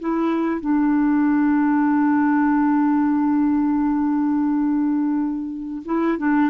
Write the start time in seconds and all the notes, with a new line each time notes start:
0.00 E4
0.61 D4
5.85 E4
6.18 D4